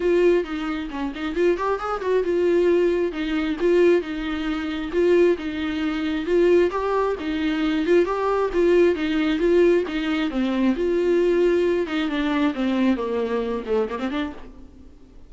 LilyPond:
\new Staff \with { instrumentName = "viola" } { \time 4/4 \tempo 4 = 134 f'4 dis'4 cis'8 dis'8 f'8 g'8 | gis'8 fis'8 f'2 dis'4 | f'4 dis'2 f'4 | dis'2 f'4 g'4 |
dis'4. f'8 g'4 f'4 | dis'4 f'4 dis'4 c'4 | f'2~ f'8 dis'8 d'4 | c'4 ais4. a8 ais16 c'16 d'8 | }